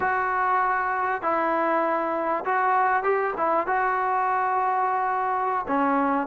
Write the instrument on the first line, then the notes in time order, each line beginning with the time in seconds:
trombone
0.00 F#4
1.22 E4
2.44 F#4
3.03 G4
3.37 E4
3.67 F#4
5.67 C#4